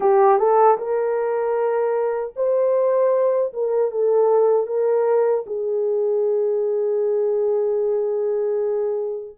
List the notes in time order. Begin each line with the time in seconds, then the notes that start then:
0.00 G4
0.38 A4
0.77 A#4
2.36 C5
3.53 A#4
3.91 A4
4.66 A#4
5.46 G#4